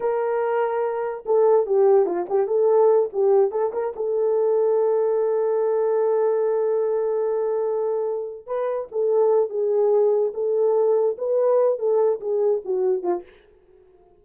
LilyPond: \new Staff \with { instrumentName = "horn" } { \time 4/4 \tempo 4 = 145 ais'2. a'4 | g'4 f'8 g'8 a'4. g'8~ | g'8 a'8 ais'8 a'2~ a'8~ | a'1~ |
a'1~ | a'8 b'4 a'4. gis'4~ | gis'4 a'2 b'4~ | b'8 a'4 gis'4 fis'4 f'8 | }